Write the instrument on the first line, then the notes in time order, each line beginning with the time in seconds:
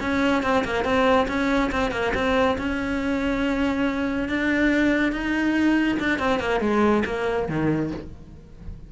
cello
0.00 C#4
0.42 C4
0.64 A#3
0.84 C4
1.27 C#4
1.71 C4
1.91 A#3
2.14 C4
2.58 C#4
4.28 D4
5.12 D#4
5.99 D4
6.19 C4
6.39 A#3
6.60 G#3
7.05 A#3
7.48 D#3